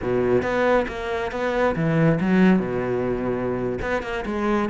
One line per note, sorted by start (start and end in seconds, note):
0.02 0.42 B2
0.42 0.85 B3
0.88 1.31 A#3
1.31 1.75 B3
1.75 2.19 E3
2.20 2.59 F#3
2.59 3.78 B2
3.81 4.02 B3
4.02 4.24 A#3
4.25 4.69 G#3